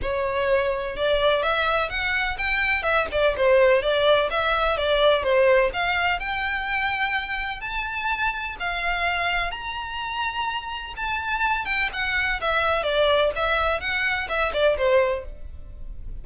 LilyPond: \new Staff \with { instrumentName = "violin" } { \time 4/4 \tempo 4 = 126 cis''2 d''4 e''4 | fis''4 g''4 e''8 d''8 c''4 | d''4 e''4 d''4 c''4 | f''4 g''2. |
a''2 f''2 | ais''2. a''4~ | a''8 g''8 fis''4 e''4 d''4 | e''4 fis''4 e''8 d''8 c''4 | }